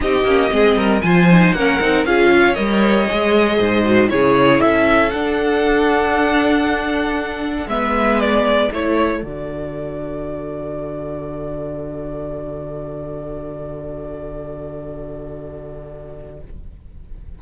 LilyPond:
<<
  \new Staff \with { instrumentName = "violin" } { \time 4/4 \tempo 4 = 117 dis''2 gis''4 fis''4 | f''4 dis''2. | cis''4 e''4 fis''2~ | fis''2. e''4 |
d''4 cis''4 d''2~ | d''1~ | d''1~ | d''1 | }
  \new Staff \with { instrumentName = "violin" } { \time 4/4 g'4 gis'8 ais'8 c''4 ais'4 | gis'8 cis''2~ cis''8 c''4 | gis'4 a'2.~ | a'2. b'4~ |
b'4 a'2.~ | a'1~ | a'1~ | a'1 | }
  \new Staff \with { instrumentName = "viola" } { \time 4/4 dis'8 cis'8 c'4 f'8 dis'8 cis'8 dis'8 | f'4 ais'4 gis'4. fis'8 | e'2 d'2~ | d'2. b4~ |
b4 e'4 fis'2~ | fis'1~ | fis'1~ | fis'1 | }
  \new Staff \with { instrumentName = "cello" } { \time 4/4 c'8 ais8 gis8 g8 f4 ais8 c'8 | cis'4 g4 gis4 gis,4 | cis4 cis'4 d'2~ | d'2. gis4~ |
gis4 a4 d2~ | d1~ | d1~ | d1 | }
>>